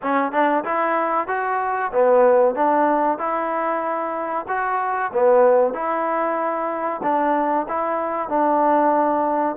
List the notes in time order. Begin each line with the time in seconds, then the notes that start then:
0.02 C#4
0.32 D4
0.64 E4
1.27 F#4
1.92 B3
2.55 D4
3.18 E4
4.47 F#4
5.13 B3
5.73 E4
7.02 D4
7.68 E4
8.29 D4